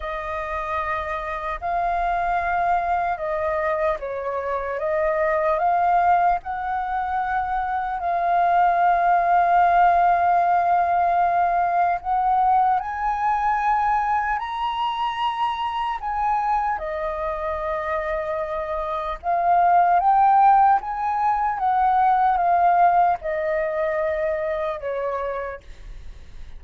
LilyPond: \new Staff \with { instrumentName = "flute" } { \time 4/4 \tempo 4 = 75 dis''2 f''2 | dis''4 cis''4 dis''4 f''4 | fis''2 f''2~ | f''2. fis''4 |
gis''2 ais''2 | gis''4 dis''2. | f''4 g''4 gis''4 fis''4 | f''4 dis''2 cis''4 | }